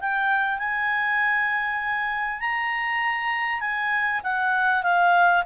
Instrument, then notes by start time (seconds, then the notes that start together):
clarinet
0.00 G5
0.59 G#5
2.40 A#5
3.60 G#5
4.23 F#5
4.83 F5